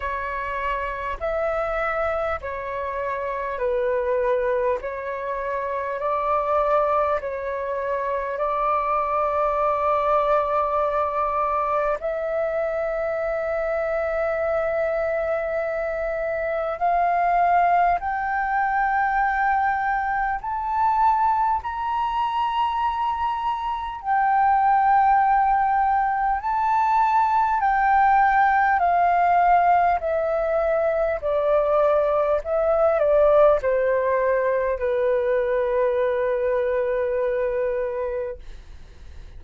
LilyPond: \new Staff \with { instrumentName = "flute" } { \time 4/4 \tempo 4 = 50 cis''4 e''4 cis''4 b'4 | cis''4 d''4 cis''4 d''4~ | d''2 e''2~ | e''2 f''4 g''4~ |
g''4 a''4 ais''2 | g''2 a''4 g''4 | f''4 e''4 d''4 e''8 d''8 | c''4 b'2. | }